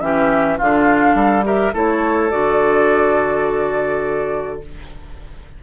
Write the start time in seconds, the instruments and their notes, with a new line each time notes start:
0.00 bassoon E3, clarinet C#4, oboe G4, flute E5
0.58 bassoon D3, clarinet D4, oboe F4, flute F5
1.14 bassoon G3, oboe A4
1.44 clarinet G4, oboe A#4, flute E5
1.73 bassoon A3, clarinet E4, oboe A4, flute C#5
2.30 bassoon D3, clarinet F#4, flute D5